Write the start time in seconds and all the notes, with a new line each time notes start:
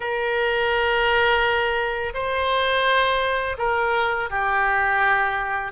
0.00 A#4
2.14 C5
3.58 A#4
4.30 G4